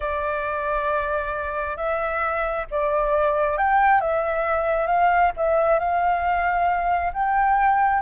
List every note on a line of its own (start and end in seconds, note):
0.00 1.76 D5
1.76 2.65 E5
2.70 3.57 D5
3.57 4.00 G5
4.00 4.87 E5
4.87 5.31 F5
5.36 5.79 E5
5.79 7.12 F5
7.13 8.02 G5